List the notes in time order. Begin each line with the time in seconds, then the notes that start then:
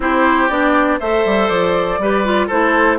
0.00 C4 E4 G4 C5
0.49 B3 D4 D5
0.99 A3 A4 C5 E5
1.25 G3
1.48 F3 D5
1.98 G3 G4 B4
2.24 F4
2.47 A3 E4 A4 C5